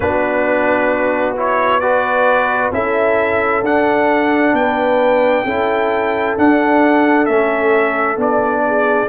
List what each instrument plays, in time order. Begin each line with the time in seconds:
0.00 tuba B3, trombone D4, horn F#4, trumpet B4
1.36 trombone E4, trumpet C#5
1.80 trombone F#4, horn B4, trumpet D5
2.71 tuba C#4, trombone E4, horn A4, trumpet E5
3.62 tuba D4, trombone D4, trumpet F#5
4.52 tuba B3, horn B4, trumpet G5
5.44 tuba C#4, trombone E4, horn A4
6.37 trombone D4, tuba D4, trumpet F#5
7.25 tuba A3, trombone C#4, trumpet E5
8.16 tuba B3, trombone D4, trumpet D5
8.66 horn G#4